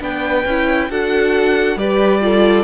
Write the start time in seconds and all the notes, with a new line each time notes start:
0.00 B3 D4 B4 G5
0.45 C#4 E4
0.90 D4 F#4 A4 F#5
1.77 G3 G4 B4 D5
2.22 F4 A4